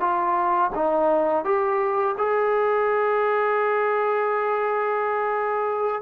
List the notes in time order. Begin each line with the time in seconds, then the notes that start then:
0.00 F4
0.74 D#4
1.44 G4
2.18 G#4